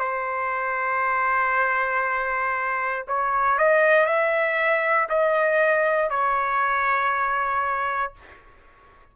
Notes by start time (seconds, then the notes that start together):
0.00 C5
3.08 C#5
3.59 D#5
4.06 E5
5.10 D#5
6.10 C#5